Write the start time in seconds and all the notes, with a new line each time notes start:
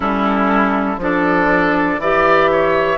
0.00 G3 C#4 E4 A4
0.97 F3 D4 A4 D5
1.97 E3 G4 D5 E5
2.51 C#5